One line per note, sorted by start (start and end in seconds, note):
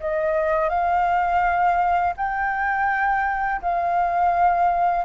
0.00 0.69 D#5
0.69 2.14 F5
2.16 3.61 G5
3.61 5.05 F5